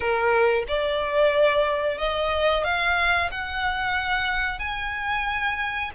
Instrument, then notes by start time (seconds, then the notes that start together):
violin
0.00 A#4
0.67 D5
1.98 D#5
2.64 F5
3.31 F#5
4.59 G#5